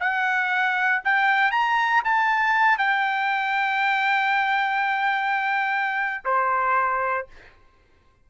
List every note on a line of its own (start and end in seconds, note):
0.00 1.03 F#5
1.05 1.52 G5
1.52 2.03 A#5
2.04 2.78 A5
2.78 6.24 G5
6.25 7.28 C5